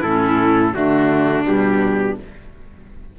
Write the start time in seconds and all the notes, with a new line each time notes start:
0.00 A2 C#4 E4 A4
0.73 D3 A3 D4 F#4
1.45 B2 G3 G4